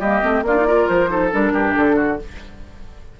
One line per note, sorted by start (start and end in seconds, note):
0.00 0.22 G3
0.00 0.22 A#3
0.00 0.44 G4
0.00 0.44 D#5
0.22 0.42 A3
0.22 0.43 C4
0.42 0.86 A#3
0.42 0.56 D4
0.42 0.67 F4
0.42 0.88 D5
0.56 0.67 D#4
0.67 1.08 F4
0.67 1.10 A#4
0.88 1.33 F3
0.88 1.32 C5
1.08 1.30 D#4
1.08 1.53 A4
1.32 1.52 G3
1.32 2.19 D4
1.32 1.75 A#4
1.52 1.74 G2
1.52 1.96 G4
1.75 2.20 D3
1.75 2.19 A4
1.96 2.18 F#4